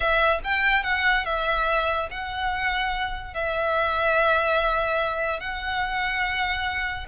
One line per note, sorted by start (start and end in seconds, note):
0.00 0.39 E5
0.44 0.83 G5
0.83 1.25 F#5
1.25 2.08 E5
2.11 3.34 F#5
3.34 5.39 E5
5.39 7.06 F#5